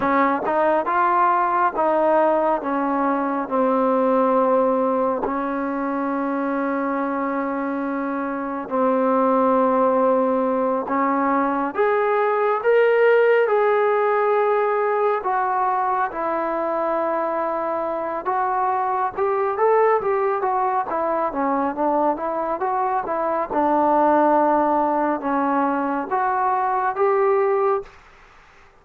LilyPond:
\new Staff \with { instrumentName = "trombone" } { \time 4/4 \tempo 4 = 69 cis'8 dis'8 f'4 dis'4 cis'4 | c'2 cis'2~ | cis'2 c'2~ | c'8 cis'4 gis'4 ais'4 gis'8~ |
gis'4. fis'4 e'4.~ | e'4 fis'4 g'8 a'8 g'8 fis'8 | e'8 cis'8 d'8 e'8 fis'8 e'8 d'4~ | d'4 cis'4 fis'4 g'4 | }